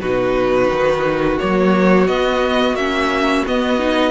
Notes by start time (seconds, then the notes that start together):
0.00 B2 D#4 F#4 B4
0.68 D#3
1.39 F#3 A#3 C#5
2.06 B3 D#5
2.73 A#3 C#4 E5
3.46 B3 D#5
3.78 D#4